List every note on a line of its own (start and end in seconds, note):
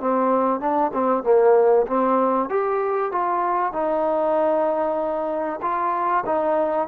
0.00 0.60 C4
0.60 0.91 D4
0.93 1.23 C4
1.23 1.86 A#3
1.87 2.49 C4
2.49 3.12 G4
3.12 3.72 F4
3.72 5.60 D#4
5.62 6.24 F4
6.26 6.88 D#4